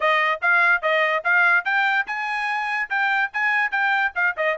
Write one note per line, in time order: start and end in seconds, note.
0.00 0.40 D#5
0.41 0.82 F5
0.82 1.23 D#5
1.23 1.64 F5
1.64 2.06 G5
2.06 2.89 G#5
2.89 3.31 G5
3.33 3.71 G#5
3.71 4.12 G5
4.15 4.36 F5
4.37 4.57 D#5